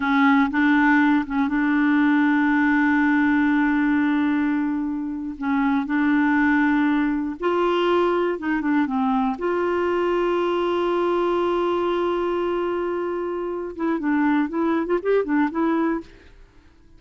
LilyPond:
\new Staff \with { instrumentName = "clarinet" } { \time 4/4 \tempo 4 = 120 cis'4 d'4. cis'8 d'4~ | d'1~ | d'2~ d'8. cis'4 d'16~ | d'2~ d'8. f'4~ f'16~ |
f'8. dis'8 d'8 c'4 f'4~ f'16~ | f'1~ | f'2.~ f'8 e'8 | d'4 e'8. f'16 g'8 d'8 e'4 | }